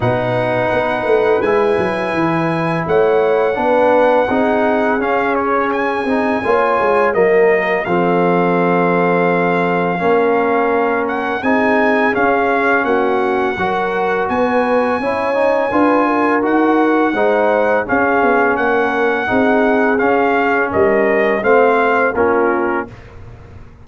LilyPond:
<<
  \new Staff \with { instrumentName = "trumpet" } { \time 4/4 \tempo 4 = 84 fis''2 gis''2 | fis''2. f''8 cis''8 | gis''2 dis''4 f''4~ | f''2.~ f''8 fis''8 |
gis''4 f''4 fis''2 | gis''2. fis''4~ | fis''4 f''4 fis''2 | f''4 dis''4 f''4 ais'4 | }
  \new Staff \with { instrumentName = "horn" } { \time 4/4 b'1 | cis''4 b'4 gis'2~ | gis'4 cis''4 ais'4 a'4~ | a'2 ais'2 |
gis'2 fis'4 ais'4 | b'4 cis''4 b'8 ais'4. | c''4 gis'4 ais'4 gis'4~ | gis'4 ais'4 c''4 f'4 | }
  \new Staff \with { instrumentName = "trombone" } { \time 4/4 dis'2 e'2~ | e'4 d'4 dis'4 cis'4~ | cis'8 dis'8 f'4 ais4 c'4~ | c'2 cis'2 |
dis'4 cis'2 fis'4~ | fis'4 e'8 dis'8 f'4 fis'4 | dis'4 cis'2 dis'4 | cis'2 c'4 cis'4 | }
  \new Staff \with { instrumentName = "tuba" } { \time 4/4 b,4 b8 a8 gis8 fis8 e4 | a4 b4 c'4 cis'4~ | cis'8 c'8 ais8 gis8 fis4 f4~ | f2 ais2 |
c'4 cis'4 ais4 fis4 | b4 cis'4 d'4 dis'4 | gis4 cis'8 b8 ais4 c'4 | cis'4 g4 a4 ais4 | }
>>